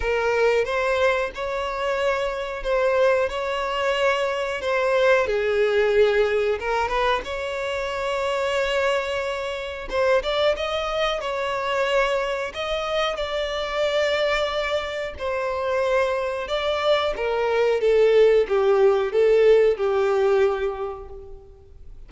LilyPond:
\new Staff \with { instrumentName = "violin" } { \time 4/4 \tempo 4 = 91 ais'4 c''4 cis''2 | c''4 cis''2 c''4 | gis'2 ais'8 b'8 cis''4~ | cis''2. c''8 d''8 |
dis''4 cis''2 dis''4 | d''2. c''4~ | c''4 d''4 ais'4 a'4 | g'4 a'4 g'2 | }